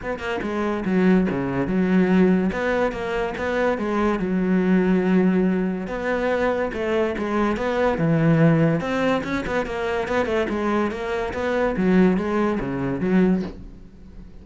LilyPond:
\new Staff \with { instrumentName = "cello" } { \time 4/4 \tempo 4 = 143 b8 ais8 gis4 fis4 cis4 | fis2 b4 ais4 | b4 gis4 fis2~ | fis2 b2 |
a4 gis4 b4 e4~ | e4 c'4 cis'8 b8 ais4 | b8 a8 gis4 ais4 b4 | fis4 gis4 cis4 fis4 | }